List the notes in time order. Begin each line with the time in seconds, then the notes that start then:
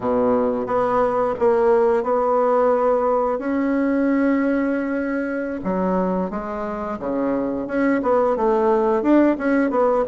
0.00 B2
0.66 B3
1.39 A#3
2.03 B3
3.38 C#4
5.63 F#3
6.30 G#3
6.99 C#3
7.67 C#4
8.02 B3
8.36 A3
9.02 D4
9.37 C#4
9.70 B3